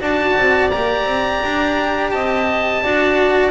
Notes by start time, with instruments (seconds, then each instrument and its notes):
0.00 double bass D4, cello F#4, clarinet D5, oboe A5
0.37 double bass C4
0.71 double bass A#3, cello G4, oboe A#5
1.05 double bass C4
1.44 double bass D4
2.11 double bass C4, clarinet D#5, oboe A5
2.83 double bass D4, cello F#4, clarinet D5